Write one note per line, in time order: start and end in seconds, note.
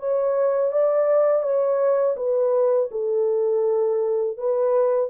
0.00 0.73 C#5
0.73 1.43 D5
1.43 2.16 C#5
2.17 2.90 B4
2.92 4.38 A4
4.38 5.11 B4